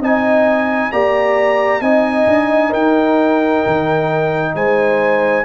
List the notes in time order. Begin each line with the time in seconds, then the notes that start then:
0.00 C4 D#4 D#5 G#5
0.92 A#3 G4 D5 A#5
1.81 C4 D#4 D#5 G#5
2.27 D4
2.71 D#4 A#4 G5
3.66 D#3
4.55 G#3 C5 G#5